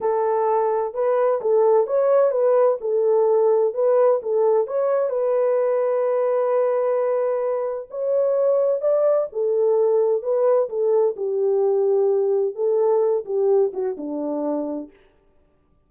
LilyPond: \new Staff \with { instrumentName = "horn" } { \time 4/4 \tempo 4 = 129 a'2 b'4 a'4 | cis''4 b'4 a'2 | b'4 a'4 cis''4 b'4~ | b'1~ |
b'4 cis''2 d''4 | a'2 b'4 a'4 | g'2. a'4~ | a'8 g'4 fis'8 d'2 | }